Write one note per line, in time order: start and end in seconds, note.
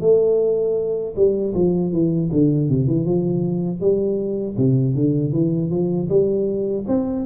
0.00 1.14 A3
1.15 1.53 G3
1.54 1.92 F3
1.92 2.30 E3
2.31 2.68 D3
2.68 2.87 C3
2.87 3.05 E3
3.05 3.80 F3
3.80 4.56 G3
4.57 4.95 C3
4.95 5.32 D3
5.32 5.70 E3
5.70 6.08 F3
6.09 6.85 G3
6.87 7.25 C4